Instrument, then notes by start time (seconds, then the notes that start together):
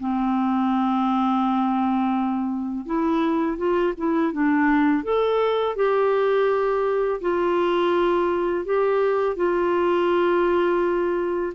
clarinet
0.00 C4
2.86 E4
3.58 F4
3.98 E4
4.33 D4
5.04 A4
5.76 G4
7.21 F4
8.65 G4
9.36 F4